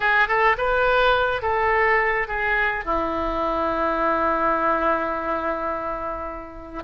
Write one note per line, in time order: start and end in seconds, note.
0.00 0.28 G#4
0.28 0.56 A4
0.57 1.42 B4
1.42 2.27 A4
2.27 2.84 G#4
2.84 6.83 E4